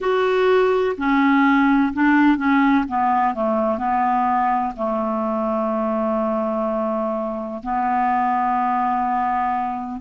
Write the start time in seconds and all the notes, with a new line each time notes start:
0.00 F#4
0.97 C#4
1.93 D4
2.37 C#4
2.88 B3
3.34 A3
3.78 B3
4.76 A3
7.62 B3